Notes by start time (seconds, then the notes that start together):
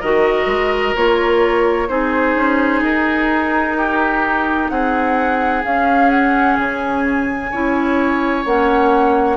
0.00 D#3 F#4 A#4 D#5
0.46 G#3
0.95 A#3 F4 C#5
1.88 C4 D#4 G#4 C5
2.35 C#4
2.81 D#4 A#4
3.77 G4
4.69 C4 G#4 F#5
5.64 C#4 F5
6.10 F#5
6.57 C#3 G#5
7.51 C#4 E4 C#5
8.45 A#3 C#4 F#5